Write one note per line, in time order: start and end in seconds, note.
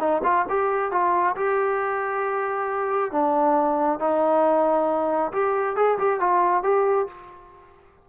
0.00 0.22 D#4
0.24 0.46 F4
0.50 0.92 G4
0.92 1.36 F4
1.36 3.12 G4
3.12 4.00 D4
4.00 5.32 D#4
5.33 5.76 G4
5.76 5.98 G#4
5.99 6.21 G4
6.21 6.64 F4
6.64 7.08 G4